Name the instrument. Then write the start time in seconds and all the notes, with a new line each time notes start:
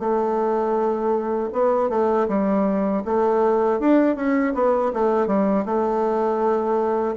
bassoon
0.00 A3
1.53 B3
1.90 A3
2.28 G3
3.05 A3
3.80 D4
4.16 C#4
4.55 B3
4.94 A3
5.27 G3
5.66 A3